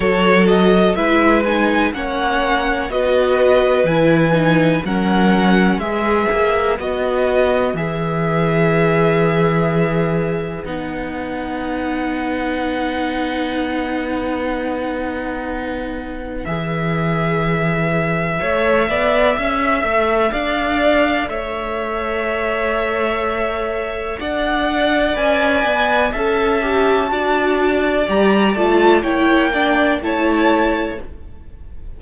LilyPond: <<
  \new Staff \with { instrumentName = "violin" } { \time 4/4 \tempo 4 = 62 cis''8 dis''8 e''8 gis''8 fis''4 dis''4 | gis''4 fis''4 e''4 dis''4 | e''2. fis''4~ | fis''1~ |
fis''4 e''2.~ | e''4 f''4 e''2~ | e''4 fis''4 gis''4 a''4~ | a''4 ais''8 a''8 g''4 a''4 | }
  \new Staff \with { instrumentName = "violin" } { \time 4/4 a'4 b'4 cis''4 b'4~ | b'4 ais'4 b'2~ | b'1~ | b'1~ |
b'2. cis''8 d''8 | e''4 d''4 cis''2~ | cis''4 d''2 e''4 | d''2 cis''8 d''8 cis''4 | }
  \new Staff \with { instrumentName = "viola" } { \time 4/4 fis'4 e'8 dis'8 cis'4 fis'4 | e'8 dis'8 cis'4 gis'4 fis'4 | gis'2. dis'4~ | dis'1~ |
dis'4 gis'2 a'4~ | a'1~ | a'2 b'4 a'8 g'8 | fis'4 g'8 f'8 e'8 d'8 e'4 | }
  \new Staff \with { instrumentName = "cello" } { \time 4/4 fis4 gis4 ais4 b4 | e4 fis4 gis8 ais8 b4 | e2. b4~ | b1~ |
b4 e2 a8 b8 | cis'8 a8 d'4 a2~ | a4 d'4 cis'8 b8 cis'4 | d'4 g8 a8 ais4 a4 | }
>>